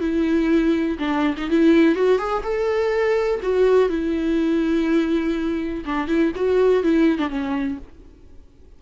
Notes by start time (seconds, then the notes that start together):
0.00 E4
0.99 D4
1.37 D#4
1.50 E4
1.95 F#4
2.18 G#4
2.43 A4
3.43 F#4
3.89 E4
5.85 D4
6.08 E4
6.36 F#4
6.84 E4
7.19 D4
7.29 C#4